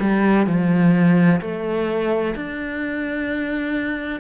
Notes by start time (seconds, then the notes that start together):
0.00 G3
0.47 F3
1.41 A3
2.35 D4